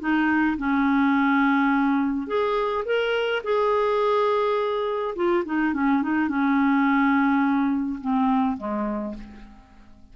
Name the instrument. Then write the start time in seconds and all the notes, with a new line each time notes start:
clarinet
0.00 D#4
0.58 C#4
2.27 G#4
2.85 A#4
3.44 G#4
5.16 F4
5.45 D#4
5.74 C#4
6.03 D#4
6.28 C#4
8.01 C4
8.57 G#3